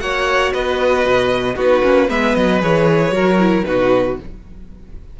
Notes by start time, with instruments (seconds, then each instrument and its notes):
0.00 cello A#3, viola F#4, violin C#5 F#5
0.53 cello B3, violin B4 D#5
1.05 cello B2
1.55 cello B3, viola D#4, violin F#4 B4
1.83 cello A#3, viola C#4
2.09 cello G#3, viola B3, violin B4 E5
2.35 cello F#3, violin D#5
2.61 cello E3, viola G#4, violin C#5
3.11 cello F#3, viola F#4, violin A#4
3.39 viola E4
3.64 cello B2, viola D#4, violin F#4 B4